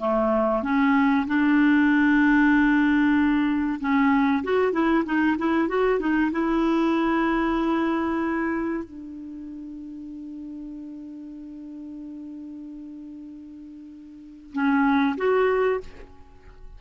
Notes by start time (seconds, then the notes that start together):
0.00 A3
0.63 C#4
1.27 D4
3.80 C#4
4.44 F#4
4.73 E4
5.06 D#4
5.38 E4
5.69 F#4
6.00 D#4
6.32 E4
8.84 D4
14.53 C#4
15.18 F#4